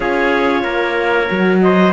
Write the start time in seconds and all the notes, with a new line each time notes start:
0.00 C#4 F4 G#4 C#5
0.63 A#3 A#4
1.29 F#3 F#4
1.61 C5 D#5